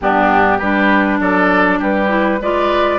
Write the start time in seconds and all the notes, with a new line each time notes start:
0.01 G2 B3 D4 G4
0.58 G3 D4 G4 B4
1.19 F#3 A4 D5
1.79 G3 G4 B4
2.08 E4
2.41 G#3 F4 B4 D5